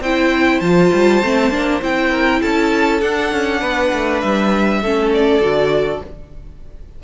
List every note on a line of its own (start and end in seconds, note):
0.00 0.60 C4
0.00 0.63 E4
0.00 2.10 C5
0.00 0.60 G5
0.60 0.91 F3
0.60 1.22 F4
0.60 1.80 A5
0.93 1.22 G3
1.22 1.51 A3
1.22 1.51 C4
1.51 1.80 A#3
1.51 1.81 D4
1.81 2.42 C4
1.81 3.01 E4
1.81 2.42 G5
2.10 2.41 A#4
2.41 3.02 C#4
2.41 3.60 A4
2.41 3.01 A5
3.01 3.32 D4
3.01 4.83 D4
3.01 4.20 F#5
3.32 3.62 C#4
3.60 3.92 B3
3.60 4.80 B4
3.92 4.22 A3
4.20 4.82 G3
4.20 5.10 E5
4.82 5.41 A3
4.82 5.41 C#4
4.82 6.03 A4
5.13 6.03 D5
5.41 6.01 D3
5.41 6.01 F#4